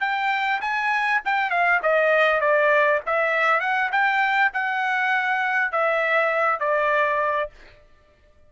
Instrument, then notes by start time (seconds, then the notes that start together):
trumpet
0.00 G5
0.61 G#5
1.25 G5
1.50 F5
1.83 D#5
2.41 D5
3.06 E5
3.60 F#5
3.92 G5
4.53 F#5
5.72 E5
6.60 D5